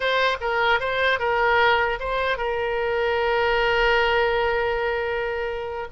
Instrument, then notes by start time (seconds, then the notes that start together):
oboe
0.00 C5
0.40 A#4
0.80 C5
1.19 A#4
1.99 C5
2.37 A#4